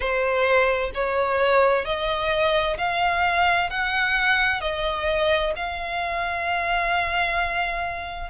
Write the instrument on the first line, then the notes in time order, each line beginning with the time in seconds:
violin
0.00 C5
0.94 C#5
1.85 D#5
2.77 F5
3.69 F#5
4.60 D#5
5.56 F5